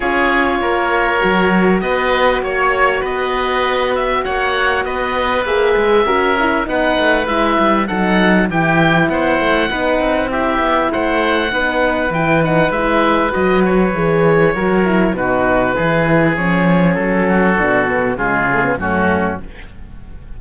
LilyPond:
<<
  \new Staff \with { instrumentName = "oboe" } { \time 4/4 \tempo 4 = 99 cis''2. dis''4 | cis''4 dis''4. e''8 fis''4 | dis''4 e''2 fis''4 | e''4 fis''4 g''4 fis''4~ |
fis''4 e''4 fis''2 | g''8 fis''8 e''4 dis''8 cis''4.~ | cis''4 b'2 cis''4 | a'2 gis'4 fis'4 | }
  \new Staff \with { instrumentName = "oboe" } { \time 4/4 gis'4 ais'2 b'4 | cis''4 b'2 cis''4 | b'2 ais'4 b'4~ | b'4 a'4 g'4 c''4 |
b'4 g'4 c''4 b'4~ | b'1 | ais'4 fis'4 gis'2~ | gis'8 fis'4. f'4 cis'4 | }
  \new Staff \with { instrumentName = "horn" } { \time 4/4 f'2 fis'2~ | fis'1~ | fis'4 gis'4 fis'8 e'8 dis'4 | e'4 dis'4 e'2 |
dis'4 e'2 dis'4 | e'8 dis'8 e'4 fis'4 gis'4 | fis'8 e'8 dis'4 e'4 cis'4~ | cis'4 d'8 b8 gis8 a16 b16 a4 | }
  \new Staff \with { instrumentName = "cello" } { \time 4/4 cis'4 ais4 fis4 b4 | ais4 b2 ais4 | b4 ais8 gis8 cis'4 b8 a8 | gis8 g8 fis4 e4 b8 a8 |
b8 c'4 b8 a4 b4 | e4 gis4 fis4 e4 | fis4 b,4 e4 f4 | fis4 b,4 cis4 fis,4 | }
>>